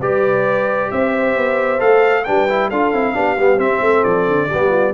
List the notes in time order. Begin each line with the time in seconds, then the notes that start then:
0.00 G3 G4 B4 D5
0.90 C4 C5 E5
1.36 B3
1.79 A3 A4 F5
2.24 G3 D4 B4 G5
2.49 E4
2.69 D4 F4 A4 F5
2.93 C4 E4
3.14 B3 D4 G4
3.37 G3 B3
3.57 C4 E5
3.81 A3 A4
4.04 F3 D5
4.27 D3
4.48 G3 B3 G4
4.69 F4